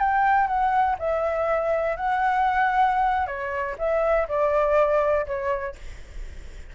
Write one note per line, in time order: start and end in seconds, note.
0.00 0.47 G5
0.47 0.96 F#5
0.99 1.97 E5
1.97 3.27 F#5
3.27 3.76 C#5
3.78 4.27 E5
4.29 5.26 D5
5.27 5.75 C#5